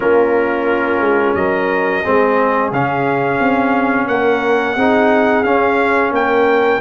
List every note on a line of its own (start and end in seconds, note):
0.00 1.00 A#3
0.00 2.04 C#4
0.00 1.36 F4
0.00 1.34 A#4
1.00 1.34 G#3
1.34 2.03 F#3
1.34 2.02 A#4
1.34 2.70 D#5
2.02 2.71 G#3
2.02 2.72 C4
2.02 4.07 G#4
2.71 3.39 C#3
2.71 4.77 C#4
2.71 4.07 F5
3.40 4.07 C4
4.07 4.75 A#3
4.07 4.76 A#4
4.07 5.43 F#5
4.75 5.43 C4
4.75 5.44 D#4
4.75 6.12 G#4
5.43 6.11 C#4
5.43 6.80 C#4
5.43 6.11 F5
6.11 6.79 A#3
6.11 6.81 A#4
6.11 6.81 G5